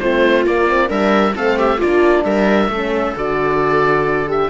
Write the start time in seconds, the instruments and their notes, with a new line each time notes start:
0.00 cello A3, horn C4, viola F4, oboe C5
0.46 horn A#3, cello A#3, oboe D5
0.68 horn C4
0.88 cello G3, horn D4, viola A#4, oboe E5
1.35 cello A3, horn C4, viola A4, oboe F5
1.58 viola G4, oboe E5
1.78 cello A#3, horn D4, viola F4, oboe D5
2.24 cello G3, viola A#4, oboe E5
2.68 cello A3, horn C#4, viola A4
3.16 cello D3, horn F#4, oboe D5
4.27 horn G4, oboe E5